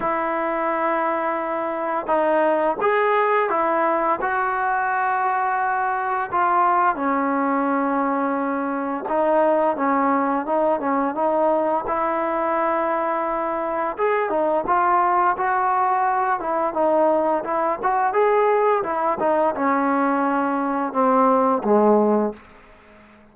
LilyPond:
\new Staff \with { instrumentName = "trombone" } { \time 4/4 \tempo 4 = 86 e'2. dis'4 | gis'4 e'4 fis'2~ | fis'4 f'4 cis'2~ | cis'4 dis'4 cis'4 dis'8 cis'8 |
dis'4 e'2. | gis'8 dis'8 f'4 fis'4. e'8 | dis'4 e'8 fis'8 gis'4 e'8 dis'8 | cis'2 c'4 gis4 | }